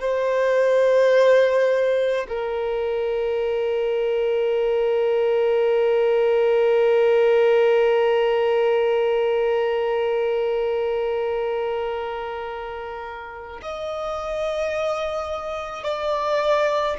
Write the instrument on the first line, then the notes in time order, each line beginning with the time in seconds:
violin
0.00 C5
2.28 A#4
13.63 D#5
15.83 D5